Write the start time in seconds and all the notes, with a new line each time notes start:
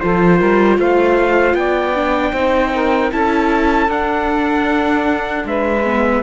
0.00 F3 F4 A4 C5
0.37 G3 A#4
0.78 A3 C5 F5
1.54 B3 D5 G5
1.95 D4
2.31 C4 D#4 C5
2.75 A#4
3.11 C#4 E4 A4 A5
3.88 D4 F#5
5.44 G#3 B4 E5
5.84 B3